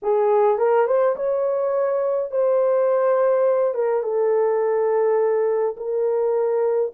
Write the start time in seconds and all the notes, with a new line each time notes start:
0.02 G#4
0.58 A#4
0.87 C5
1.16 C#5
2.31 C5
3.74 A#4
4.03 A4
5.76 A#4